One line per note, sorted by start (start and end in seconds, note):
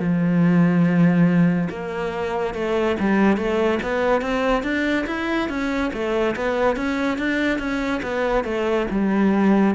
0.00 1.69 F3
1.70 2.55 A#3
2.55 2.97 A3
3.00 3.37 G3
3.37 3.80 A3
3.83 4.22 B3
4.22 4.64 C4
4.64 5.06 D4
5.07 5.49 E4
5.50 5.92 C#4
5.94 6.36 A3
6.36 6.77 B3
6.77 7.19 C#4
7.19 7.59 D4
7.59 8.01 C#4
8.03 8.45 B3
8.45 8.87 A3
8.91 9.75 G3